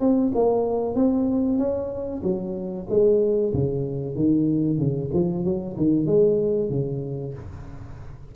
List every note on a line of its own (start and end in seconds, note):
0.00 0.32 C4
0.35 0.95 A#3
0.95 1.58 C4
1.58 2.22 C#4
2.23 2.87 F#3
2.90 3.53 G#3
3.54 4.15 C#3
4.15 4.78 D#3
4.78 5.10 C#3
5.13 5.45 F3
5.45 5.76 F#3
5.77 6.06 D#3
6.06 6.70 G#3
6.70 7.34 C#3